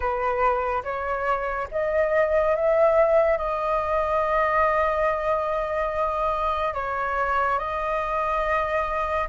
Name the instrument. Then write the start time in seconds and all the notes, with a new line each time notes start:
flute
0.00 B4
0.83 C#5
1.71 D#5
2.55 E5
3.37 D#5
6.74 C#5
7.58 D#5